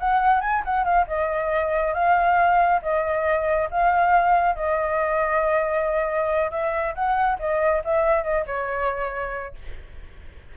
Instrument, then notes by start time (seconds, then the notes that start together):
flute
0.00 F#5
0.41 G#5
0.65 F#5
0.85 F5
1.08 D#5
1.94 F5
2.82 D#5
3.71 F5
4.56 D#5
6.51 E5
6.95 F#5
7.40 D#5
7.85 E5
8.24 D#5
8.47 C#5